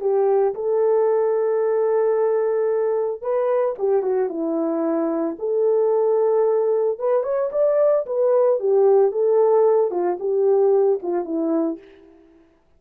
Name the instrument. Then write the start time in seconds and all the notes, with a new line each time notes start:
horn
0.00 G4
0.54 A4
3.21 B4
3.78 G4
4.02 F#4
4.29 E4
5.38 A4
6.98 B4
7.23 C#5
7.52 D5
8.06 B4
8.59 G4
9.11 A4
9.91 F4
10.19 G4
11.02 F4
11.25 E4